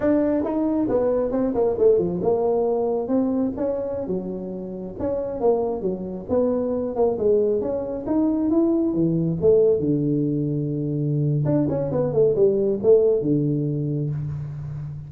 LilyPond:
\new Staff \with { instrumentName = "tuba" } { \time 4/4 \tempo 4 = 136 d'4 dis'4 b4 c'8 ais8 | a8 f8 ais2 c'4 | cis'4~ cis'16 fis2 cis'8.~ | cis'16 ais4 fis4 b4. ais16~ |
ais16 gis4 cis'4 dis'4 e'8.~ | e'16 e4 a4 d4.~ d16~ | d2 d'8 cis'8 b8 a8 | g4 a4 d2 | }